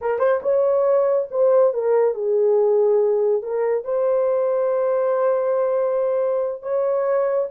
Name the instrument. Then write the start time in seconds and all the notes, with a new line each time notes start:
horn
0.01 A#4
0.19 C5
0.42 C#5
1.30 C5
1.73 A#4
2.14 G#4
3.42 A#4
3.84 C5
6.62 C#5